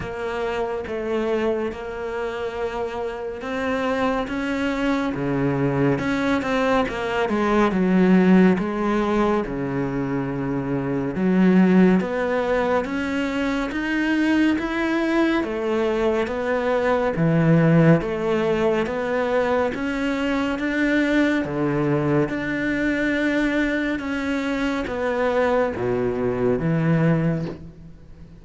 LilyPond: \new Staff \with { instrumentName = "cello" } { \time 4/4 \tempo 4 = 70 ais4 a4 ais2 | c'4 cis'4 cis4 cis'8 c'8 | ais8 gis8 fis4 gis4 cis4~ | cis4 fis4 b4 cis'4 |
dis'4 e'4 a4 b4 | e4 a4 b4 cis'4 | d'4 d4 d'2 | cis'4 b4 b,4 e4 | }